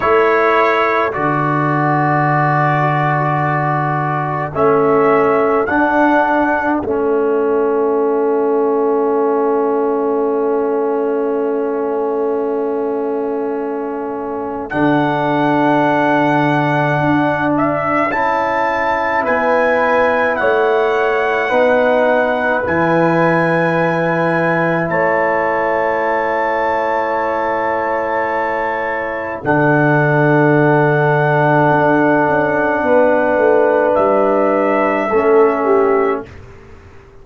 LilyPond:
<<
  \new Staff \with { instrumentName = "trumpet" } { \time 4/4 \tempo 4 = 53 cis''4 d''2. | e''4 fis''4 e''2~ | e''1~ | e''4 fis''2~ fis''8 e''8 |
a''4 gis''4 fis''2 | gis''2 a''2~ | a''2 fis''2~ | fis''2 e''2 | }
  \new Staff \with { instrumentName = "horn" } { \time 4/4 a'1~ | a'1~ | a'1~ | a'1~ |
a'4 b'4 cis''4 b'4~ | b'2 cis''2~ | cis''2 a'2~ | a'4 b'2 a'8 g'8 | }
  \new Staff \with { instrumentName = "trombone" } { \time 4/4 e'4 fis'2. | cis'4 d'4 cis'2~ | cis'1~ | cis'4 d'2. |
e'2. dis'4 | e'1~ | e'2 d'2~ | d'2. cis'4 | }
  \new Staff \with { instrumentName = "tuba" } { \time 4/4 a4 d2. | a4 d'4 a2~ | a1~ | a4 d2 d'4 |
cis'4 b4 a4 b4 | e2 a2~ | a2 d2 | d'8 cis'8 b8 a8 g4 a4 | }
>>